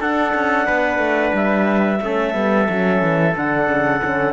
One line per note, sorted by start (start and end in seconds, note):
0.00 0.33 D4
0.00 2.00 D4
0.00 0.67 A4
0.00 1.34 F#5
0.35 0.68 C#4
0.67 0.98 B3
0.67 2.00 B4
0.98 1.32 A3
1.33 2.00 G3
1.33 3.35 E5
2.01 2.35 A3
2.01 2.33 C#4
2.01 4.33 A4
2.33 2.68 G3
2.33 2.67 B3
2.68 3.02 F#3
2.68 3.35 C#4
3.02 3.35 E3
3.36 3.68 D3
3.36 4.01 D4
3.36 4.33 F#5
3.68 4.01 C#3
4.01 4.33 D3
4.01 4.33 C#4